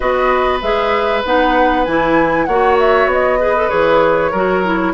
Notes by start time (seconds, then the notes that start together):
0.00 B3 F#4 B4 D#5
0.61 G#3 G#4 E5
1.24 B3 D#4 F#5
1.84 E3 E4 G#5
2.45 A#3 F#4 C#5 F#5
2.79 E5
3.06 B3
3.12 D#5
3.39 G#4 B4
3.55 A4
3.69 E3 G#4 C#5
4.31 F#3 F#4 A#4
4.63 E4